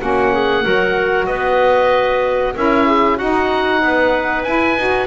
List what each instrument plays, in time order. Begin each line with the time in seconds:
0.00 double bass A#3, saxophone C#4, clarinet F#4, oboe F#5
0.33 clarinet G#4
0.63 double bass F#3, saxophone F#4, clarinet A#4
1.26 double bass B3, clarinet B4, oboe D#5
2.55 double bass C#4, saxophone E4, clarinet A#4, oboe E5
2.87 clarinet G#4
3.16 double bass D#4, saxophone D#4, clarinet F#4, oboe F#5
3.82 double bass B3, clarinet B4
4.43 double bass E4, saxophone E4, oboe G#5
4.77 double bass D#4, saxophone F#4